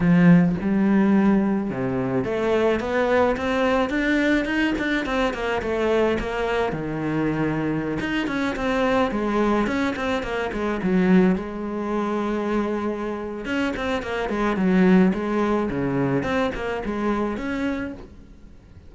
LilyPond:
\new Staff \with { instrumentName = "cello" } { \time 4/4 \tempo 4 = 107 f4 g2 c4 | a4 b4 c'4 d'4 | dis'8 d'8 c'8 ais8 a4 ais4 | dis2~ dis16 dis'8 cis'8 c'8.~ |
c'16 gis4 cis'8 c'8 ais8 gis8 fis8.~ | fis16 gis2.~ gis8. | cis'8 c'8 ais8 gis8 fis4 gis4 | cis4 c'8 ais8 gis4 cis'4 | }